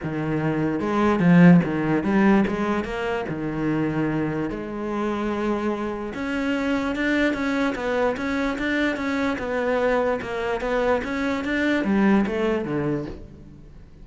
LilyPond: \new Staff \with { instrumentName = "cello" } { \time 4/4 \tempo 4 = 147 dis2 gis4 f4 | dis4 g4 gis4 ais4 | dis2. gis4~ | gis2. cis'4~ |
cis'4 d'4 cis'4 b4 | cis'4 d'4 cis'4 b4~ | b4 ais4 b4 cis'4 | d'4 g4 a4 d4 | }